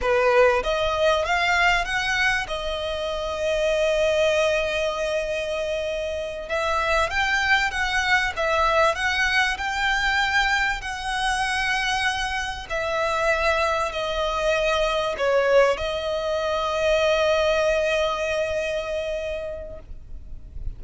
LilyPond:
\new Staff \with { instrumentName = "violin" } { \time 4/4 \tempo 4 = 97 b'4 dis''4 f''4 fis''4 | dis''1~ | dis''2~ dis''8 e''4 g''8~ | g''8 fis''4 e''4 fis''4 g''8~ |
g''4. fis''2~ fis''8~ | fis''8 e''2 dis''4.~ | dis''8 cis''4 dis''2~ dis''8~ | dis''1 | }